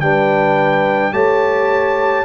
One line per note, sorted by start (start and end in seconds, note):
0.00 1.12 G3
0.00 1.13 D4
0.00 1.13 B4
0.00 1.13 G5
1.12 2.25 A3
1.12 2.25 G4
1.12 2.25 C#5
1.12 2.25 A5